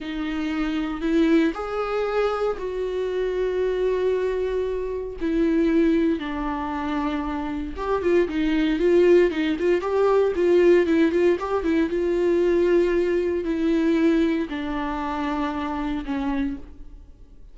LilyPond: \new Staff \with { instrumentName = "viola" } { \time 4/4 \tempo 4 = 116 dis'2 e'4 gis'4~ | gis'4 fis'2.~ | fis'2 e'2 | d'2. g'8 f'8 |
dis'4 f'4 dis'8 f'8 g'4 | f'4 e'8 f'8 g'8 e'8 f'4~ | f'2 e'2 | d'2. cis'4 | }